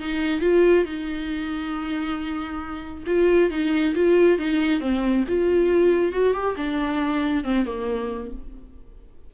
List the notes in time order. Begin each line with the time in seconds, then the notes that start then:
0.00 D#4
0.41 F4
0.85 D#4
3.07 F4
3.51 D#4
3.95 F4
4.39 D#4
4.81 C4
5.28 F4
6.13 F#4
6.34 G4
6.57 D4
7.44 C4
7.66 A#3